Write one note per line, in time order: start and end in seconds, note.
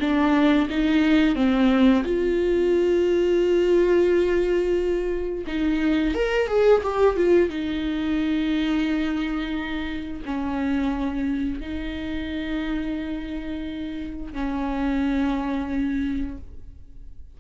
0.00 0.68 D4
0.70 1.35 D#4
1.35 2.04 C4
2.04 5.45 F4
5.47 6.15 D#4
6.15 6.48 A#4
6.48 6.82 G#4
6.83 7.17 G4
7.17 7.50 F4
7.50 10.22 D#4
10.26 11.60 C#4
11.60 14.33 D#4
14.33 16.37 C#4